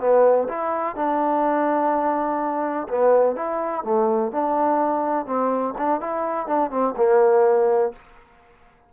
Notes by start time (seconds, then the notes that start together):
0.00 B3
0.49 E4
0.96 D4
2.89 B3
3.36 E4
3.84 A3
4.32 D4
5.26 C4
5.78 D4
6.01 E4
6.47 D4
6.71 C4
6.97 A#3